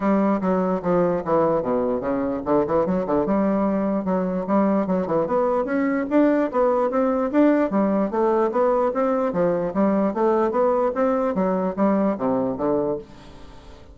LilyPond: \new Staff \with { instrumentName = "bassoon" } { \time 4/4 \tempo 4 = 148 g4 fis4 f4 e4 | b,4 cis4 d8 e8 fis8 d8 | g2 fis4 g4 | fis8 e8 b4 cis'4 d'4 |
b4 c'4 d'4 g4 | a4 b4 c'4 f4 | g4 a4 b4 c'4 | fis4 g4 c4 d4 | }